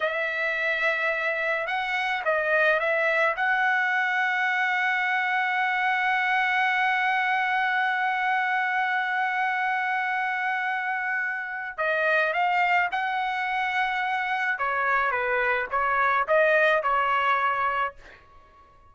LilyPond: \new Staff \with { instrumentName = "trumpet" } { \time 4/4 \tempo 4 = 107 e''2. fis''4 | dis''4 e''4 fis''2~ | fis''1~ | fis''1~ |
fis''1~ | fis''4 dis''4 f''4 fis''4~ | fis''2 cis''4 b'4 | cis''4 dis''4 cis''2 | }